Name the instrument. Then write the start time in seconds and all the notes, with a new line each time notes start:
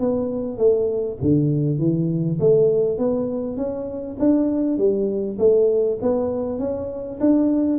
tuba
0.00 B3
0.58 A3
1.22 D3
1.79 E3
2.40 A3
2.99 B3
3.57 C#4
4.20 D4
4.78 G3
5.39 A3
6.02 B3
6.59 C#4
7.21 D4